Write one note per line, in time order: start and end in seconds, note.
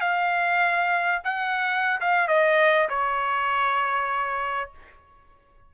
0.00 1.21 F5
1.24 2.00 F#5
2.00 2.28 F5
2.28 2.88 D#5
2.88 4.70 C#5